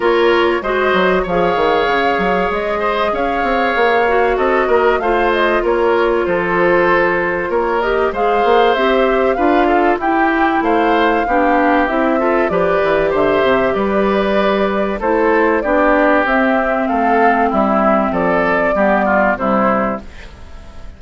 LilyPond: <<
  \new Staff \with { instrumentName = "flute" } { \time 4/4 \tempo 4 = 96 cis''4 dis''4 f''2 | dis''4 f''2 dis''4 | f''8 dis''8 cis''4 c''2 | cis''8 dis''8 f''4 e''4 f''4 |
g''4 f''2 e''4 | d''4 e''4 d''2 | c''4 d''4 e''4 f''4 | e''4 d''2 c''4 | }
  \new Staff \with { instrumentName = "oboe" } { \time 4/4 ais'4 c''4 cis''2~ | cis''8 c''8 cis''2 a'8 ais'8 | c''4 ais'4 a'2 | ais'4 c''2 b'8 a'8 |
g'4 c''4 g'4. a'8 | b'4 c''4 b'2 | a'4 g'2 a'4 | e'4 a'4 g'8 f'8 e'4 | }
  \new Staff \with { instrumentName = "clarinet" } { \time 4/4 f'4 fis'4 gis'2~ | gis'2~ gis'8 fis'4. | f'1~ | f'8 g'8 gis'4 g'4 f'4 |
e'2 d'4 e'8 f'8 | g'1 | e'4 d'4 c'2~ | c'2 b4 g4 | }
  \new Staff \with { instrumentName = "bassoon" } { \time 4/4 ais4 gis8 fis8 f8 dis8 cis8 fis8 | gis4 cis'8 c'8 ais4 c'8 ais8 | a4 ais4 f2 | ais4 gis8 ais8 c'4 d'4 |
e'4 a4 b4 c'4 | f8 e8 d8 c8 g2 | a4 b4 c'4 a4 | g4 f4 g4 c4 | }
>>